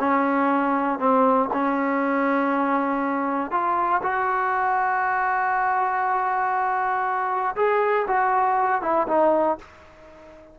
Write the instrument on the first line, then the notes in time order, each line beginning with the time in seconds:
trombone
0.00 C#4
0.99 C4
1.53 C#4
3.52 F4
4.03 F#4
7.56 G#4
8.08 F#4
8.82 E4
9.08 D#4